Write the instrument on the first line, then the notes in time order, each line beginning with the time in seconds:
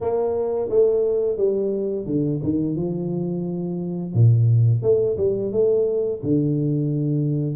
tuba
0.00 A#3
0.69 A3
1.37 G3
2.06 D3
2.43 D#3
2.76 F3
4.13 A#2
4.82 A3
5.17 G3
5.52 A3
6.23 D3